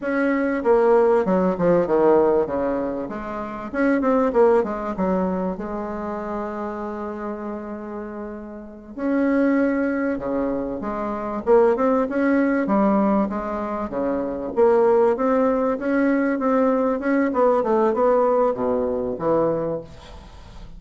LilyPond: \new Staff \with { instrumentName = "bassoon" } { \time 4/4 \tempo 4 = 97 cis'4 ais4 fis8 f8 dis4 | cis4 gis4 cis'8 c'8 ais8 gis8 | fis4 gis2.~ | gis2~ gis8 cis'4.~ |
cis'8 cis4 gis4 ais8 c'8 cis'8~ | cis'8 g4 gis4 cis4 ais8~ | ais8 c'4 cis'4 c'4 cis'8 | b8 a8 b4 b,4 e4 | }